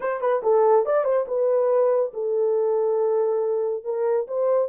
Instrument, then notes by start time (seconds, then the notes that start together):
horn
0.00 C5
0.21 B4
0.43 A4
0.85 D5
1.04 C5
1.27 B4
2.13 A4
3.84 A#4
4.27 C5